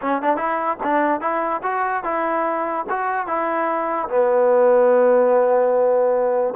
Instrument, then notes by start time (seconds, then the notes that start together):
trombone
0.01 C#4
0.22 D4
0.36 E4
0.83 D4
1.21 E4
1.63 F#4
2.03 E4
2.89 F#4
3.27 E4
4.09 B3